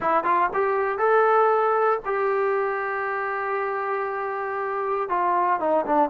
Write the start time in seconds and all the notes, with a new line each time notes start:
0.00 E4
0.24 F4
0.53 G4
0.98 A4
2.05 G4
5.09 F4
5.60 D#4
5.86 D4